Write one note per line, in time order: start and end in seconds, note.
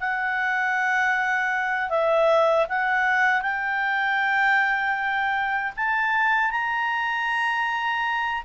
0.00 1.90 F#5
1.90 2.67 E5
2.69 3.42 F#5
3.42 5.72 G5
5.77 6.51 A5
6.51 8.43 A#5